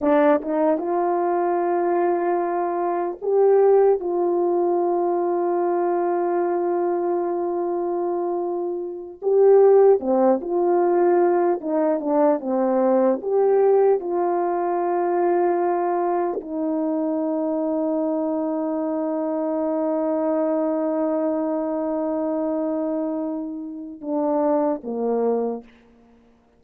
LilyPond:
\new Staff \with { instrumentName = "horn" } { \time 4/4 \tempo 4 = 75 d'8 dis'8 f'2. | g'4 f'2.~ | f'2.~ f'8 g'8~ | g'8 c'8 f'4. dis'8 d'8 c'8~ |
c'8 g'4 f'2~ f'8~ | f'8 dis'2.~ dis'8~ | dis'1~ | dis'2 d'4 ais4 | }